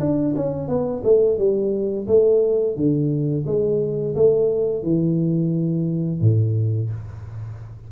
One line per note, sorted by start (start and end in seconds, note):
0.00 0.34 D4
0.36 0.68 C#4
0.68 1.03 B3
1.04 1.38 A3
1.38 2.07 G3
2.08 2.76 A3
2.76 3.45 D3
3.46 4.15 G#3
4.15 4.83 A3
4.83 6.21 E3
6.21 6.90 A2